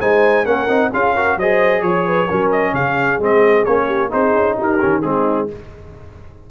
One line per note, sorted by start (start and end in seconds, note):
0.00 0.45 G#3
0.00 0.45 D#4
0.00 0.45 C5
0.00 0.46 G#5
0.45 0.68 A#3
0.45 0.68 C#4
0.45 0.91 A#4
0.45 0.92 F#5
0.68 0.92 C4
0.68 0.91 D#4
0.93 1.36 C#4
0.93 1.16 F4
0.93 1.15 G#4
0.93 1.39 F5
1.15 1.40 F#4
1.15 1.38 A#4
1.36 1.82 F#3
1.36 2.29 G#4
1.36 1.84 C5
1.36 1.82 D#5
1.82 2.28 F3
1.82 2.51 C#5
1.82 2.07 C#5
2.07 2.27 B4
2.27 2.73 F#3
2.27 3.20 C#4
2.27 2.73 A#4
2.52 2.75 D#5
2.73 3.19 C#3
2.73 3.86 G#4
2.73 3.20 F5
3.19 3.65 G#3
3.19 3.66 C4
3.19 3.65 D#5
3.65 4.12 A#3
3.65 4.10 C#4
3.65 4.11 C#5
3.86 4.09 G4
4.10 4.34 C4
4.10 4.78 D#4
4.10 4.57 G#4
4.10 4.58 C5
4.34 4.57 C#4
4.57 4.83 D#4
4.57 5.03 G4
4.57 5.02 A#4
4.81 5.04 D#3
4.81 5.02 C#4
5.02 5.50 G#3
5.02 5.48 C4
5.02 5.50 D#4
5.02 5.48 G#4